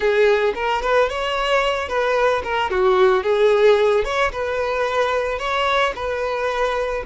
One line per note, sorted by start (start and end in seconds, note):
0.00 0.53 G#4
0.54 0.81 A#4
0.82 1.09 B4
1.09 1.88 C#5
1.88 2.42 B4
2.43 2.70 A#4
2.70 3.23 F#4
3.23 4.04 G#4
4.04 4.31 C#5
4.31 5.39 B4
5.39 5.93 C#5
5.95 7.03 B4